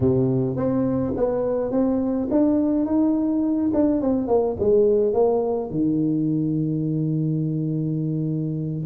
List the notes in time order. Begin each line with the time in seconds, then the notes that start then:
0.00 C3
0.56 C4
1.16 B3
1.71 C4
2.30 D4
2.85 D#4
3.73 D4
4.01 C4
4.27 A#3
4.59 G#3
5.13 A#3
5.70 D#3